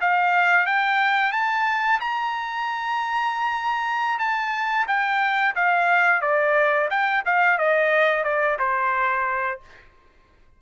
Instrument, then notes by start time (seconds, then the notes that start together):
trumpet
0.00 F5
0.66 G5
1.32 A5
2.00 A#5
4.19 A5
4.87 G5
5.55 F5
6.21 D5
6.90 G5
7.25 F5
7.58 D#5
8.24 D5
8.59 C5